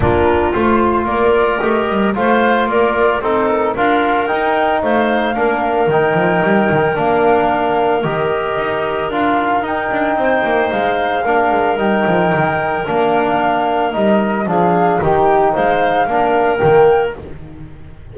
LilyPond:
<<
  \new Staff \with { instrumentName = "flute" } { \time 4/4 \tempo 4 = 112 ais'4 c''4 d''4 dis''4 | f''4 d''4 c''8 ais'8 f''4 | g''4 f''2 g''4~ | g''4 f''2 dis''4~ |
dis''4 f''4 g''2 | f''2 g''2 | f''2 dis''4 f''4 | g''4 f''2 g''4 | }
  \new Staff \with { instrumentName = "clarinet" } { \time 4/4 f'2 ais'2 | c''4 ais'4 a'4 ais'4~ | ais'4 c''4 ais'2~ | ais'1~ |
ais'2. c''4~ | c''4 ais'2.~ | ais'2. gis'4 | g'4 c''4 ais'2 | }
  \new Staff \with { instrumentName = "trombone" } { \time 4/4 d'4 f'2 g'4 | f'2 dis'4 f'4 | dis'2 d'4 dis'4~ | dis'4 d'2 g'4~ |
g'4 f'4 dis'2~ | dis'4 d'4 dis'2 | d'2 dis'4 d'4 | dis'2 d'4 ais4 | }
  \new Staff \with { instrumentName = "double bass" } { \time 4/4 ais4 a4 ais4 a8 g8 | a4 ais4 c'4 d'4 | dis'4 a4 ais4 dis8 f8 | g8 dis8 ais2 dis4 |
dis'4 d'4 dis'8 d'8 c'8 ais8 | gis4 ais8 gis8 g8 f8 dis4 | ais2 g4 f4 | dis4 gis4 ais4 dis4 | }
>>